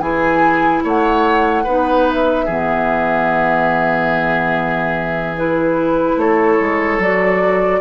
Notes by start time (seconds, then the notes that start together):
0.00 E3 E4 G#4 G#5
0.84 A3 C#5 F#5
1.64 B3 D#4 B4
2.10 E5
2.45 E3 B3 G#4
5.37 E4 B4
6.17 A3 A4 C#5
6.60 G#3
6.98 F#3 F#4 D5